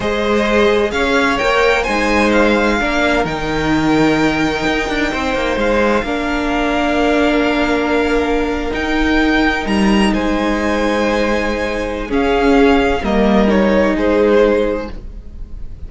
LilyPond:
<<
  \new Staff \with { instrumentName = "violin" } { \time 4/4 \tempo 4 = 129 dis''2 f''4 g''4 | gis''4 f''2 g''4~ | g''1 | f''1~ |
f''2~ f''8. g''4~ g''16~ | g''8. ais''4 gis''2~ gis''16~ | gis''2 f''2 | dis''4 cis''4 c''2 | }
  \new Staff \with { instrumentName = "violin" } { \time 4/4 c''2 cis''2 | c''2 ais'2~ | ais'2. c''4~ | c''4 ais'2.~ |
ais'1~ | ais'4.~ ais'16 c''2~ c''16~ | c''2 gis'2 | ais'2 gis'2 | }
  \new Staff \with { instrumentName = "viola" } { \time 4/4 gis'2. ais'4 | dis'2 d'4 dis'4~ | dis'1~ | dis'4 d'2.~ |
d'2~ d'8. dis'4~ dis'16~ | dis'1~ | dis'2 cis'2 | ais4 dis'2. | }
  \new Staff \with { instrumentName = "cello" } { \time 4/4 gis2 cis'4 ais4 | gis2 ais4 dis4~ | dis2 dis'8 d'8 c'8 ais8 | gis4 ais2.~ |
ais2~ ais8. dis'4~ dis'16~ | dis'8. g4 gis2~ gis16~ | gis2 cis'2 | g2 gis2 | }
>>